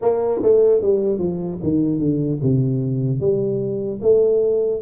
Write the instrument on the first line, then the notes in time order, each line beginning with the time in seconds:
tuba
0.01 A#3
0.42 A3
0.81 G3
1.18 F3
1.62 D#3
1.99 D3
2.42 C3
3.20 G3
4.01 A3